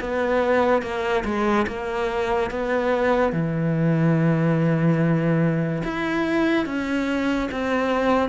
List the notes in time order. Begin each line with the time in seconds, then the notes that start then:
0.00 B3
0.82 A#3
1.25 G#3
1.67 A#3
2.50 B3
3.33 E3
5.84 E4
6.66 C#4
7.51 C4